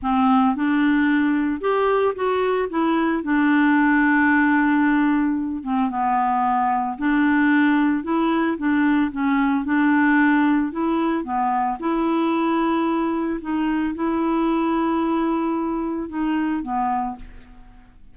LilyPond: \new Staff \with { instrumentName = "clarinet" } { \time 4/4 \tempo 4 = 112 c'4 d'2 g'4 | fis'4 e'4 d'2~ | d'2~ d'8 c'8 b4~ | b4 d'2 e'4 |
d'4 cis'4 d'2 | e'4 b4 e'2~ | e'4 dis'4 e'2~ | e'2 dis'4 b4 | }